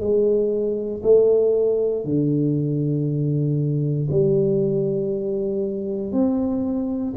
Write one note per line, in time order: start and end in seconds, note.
0.00 1.02 G#3
1.03 2.05 A3
2.05 4.08 D3
4.11 6.12 G3
6.12 7.14 C4